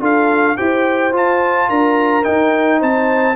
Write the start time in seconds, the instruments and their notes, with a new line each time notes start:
0.00 tuba D4, trombone F4, horn A4, trumpet F5
0.57 tuba E4, trombone G4, horn C5, trumpet G5
1.12 trombone F4, tuba F4, trumpet A5
1.69 tuba D4, horn A#4, trumpet A#5
2.23 trombone D#4, tuba D#4, trumpet G5
2.79 tuba C4, horn C5, trumpet A5